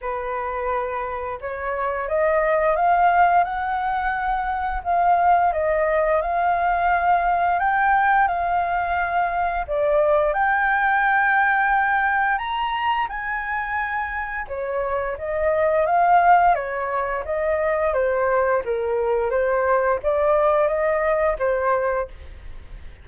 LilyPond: \new Staff \with { instrumentName = "flute" } { \time 4/4 \tempo 4 = 87 b'2 cis''4 dis''4 | f''4 fis''2 f''4 | dis''4 f''2 g''4 | f''2 d''4 g''4~ |
g''2 ais''4 gis''4~ | gis''4 cis''4 dis''4 f''4 | cis''4 dis''4 c''4 ais'4 | c''4 d''4 dis''4 c''4 | }